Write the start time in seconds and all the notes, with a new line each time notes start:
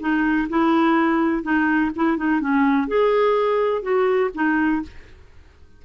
0.00 D#4
0.49 E4
1.43 D#4
1.95 E4
2.17 D#4
2.40 C#4
2.87 G#4
3.82 F#4
4.34 D#4